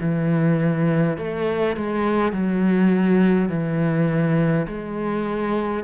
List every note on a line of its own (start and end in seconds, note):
0.00 1.17 E3
1.17 1.76 A3
1.76 2.32 G#3
2.32 3.49 F#3
3.49 4.66 E3
4.67 5.83 G#3